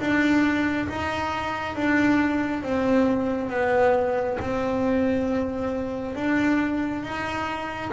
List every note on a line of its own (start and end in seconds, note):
0.00 0.88 D4
0.89 1.76 D#4
1.76 2.64 D4
2.64 3.50 C4
3.50 4.38 B3
4.41 6.16 C4
6.16 7.03 D4
7.03 7.92 D#4